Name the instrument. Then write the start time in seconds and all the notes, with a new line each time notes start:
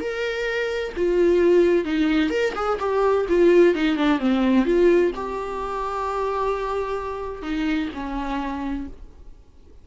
viola
0.00 A#4
0.97 F4
1.85 D#4
2.30 A#4
2.55 G#4
2.80 G4
3.29 F4
3.75 D#4
3.97 D4
4.19 C4
4.65 F4
5.15 G4
7.42 D#4
7.94 C#4